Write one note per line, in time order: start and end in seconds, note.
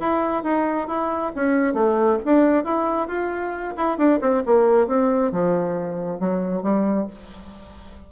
0.00 0.43 E4
0.43 0.88 D#4
0.88 1.33 E4
1.35 1.74 C#4
1.74 2.19 A3
2.25 2.64 D4
2.64 3.08 E4
3.08 3.74 F4
3.77 3.98 E4
3.98 4.20 D4
4.21 4.43 C4
4.46 4.87 A#3
4.87 5.32 C4
5.32 6.20 F3
6.20 6.63 F#3
6.63 7.07 G3